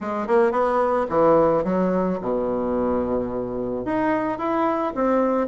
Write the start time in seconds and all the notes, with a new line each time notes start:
0.01 G#3
0.27 A#3
0.51 B3
1.09 E3
1.64 F#3
2.21 B2
3.85 D#4
4.38 E4
4.94 C4